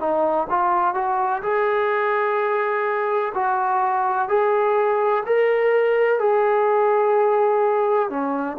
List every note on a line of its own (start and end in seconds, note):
0.00 0.48 D#4
0.50 0.94 F4
0.94 1.42 F#4
1.42 3.33 G#4
3.35 4.29 F#4
4.29 5.24 G#4
5.26 6.19 A#4
6.19 8.10 G#4
8.10 8.57 C#4